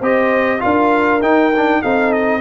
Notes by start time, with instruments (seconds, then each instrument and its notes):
0.00 tuba C4, trombone G4, horn C5, trumpet D#5
0.59 tuba D4, trombone F4, horn A#4, trumpet F5
1.21 tuba D#4, trombone D#4, trumpet G5
1.56 trombone D4
1.82 tuba C4, trombone D#4, horn A4, trumpet F5
2.12 trumpet D#5